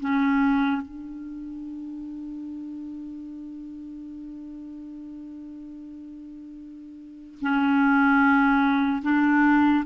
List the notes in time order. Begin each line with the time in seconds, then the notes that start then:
0.00 C#4
0.81 D4
7.41 C#4
9.02 D4